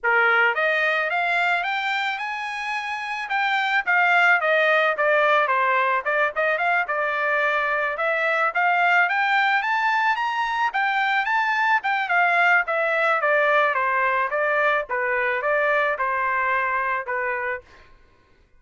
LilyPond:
\new Staff \with { instrumentName = "trumpet" } { \time 4/4 \tempo 4 = 109 ais'4 dis''4 f''4 g''4 | gis''2 g''4 f''4 | dis''4 d''4 c''4 d''8 dis''8 | f''8 d''2 e''4 f''8~ |
f''8 g''4 a''4 ais''4 g''8~ | g''8 a''4 g''8 f''4 e''4 | d''4 c''4 d''4 b'4 | d''4 c''2 b'4 | }